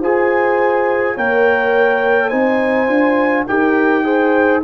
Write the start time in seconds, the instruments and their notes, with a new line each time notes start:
0.00 tuba F4, trombone G#4, horn C5, trumpet G#5
1.15 tuba A#3, trombone A#4, horn C#5, trumpet G5
2.29 tuba C4, trombone D#4, horn C5, trumpet G#5
2.87 tuba D4, trombone F4
3.46 tuba D#4, trombone G4, horn A#4, trumpet G5
4.04 trombone G#4, horn C5